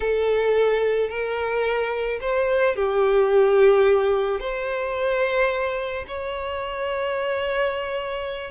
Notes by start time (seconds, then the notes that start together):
0.00 A4
1.09 A#4
2.20 C5
2.75 G4
4.40 C5
6.07 C#5